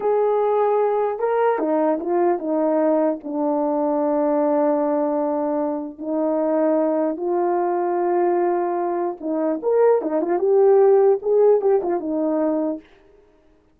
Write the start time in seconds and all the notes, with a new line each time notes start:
0.00 G#4
1.19 A#4
1.59 D#4
2.00 F4
2.39 D#4
3.23 D4
5.98 D#4
7.17 F4
9.20 D#4
9.62 A#4
10.01 D#4
10.21 F4
10.39 G4
11.22 G#4
11.61 G4
11.82 F4
12.00 D#4